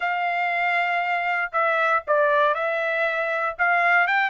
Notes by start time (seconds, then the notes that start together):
0.00 F5
1.52 E5
2.07 D5
2.54 E5
3.58 F5
4.07 G5